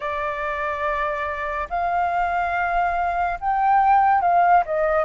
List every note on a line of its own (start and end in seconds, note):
0.00 1.68 D5
1.69 3.38 F5
3.40 4.21 G5
4.21 4.63 F5
4.65 5.04 D#5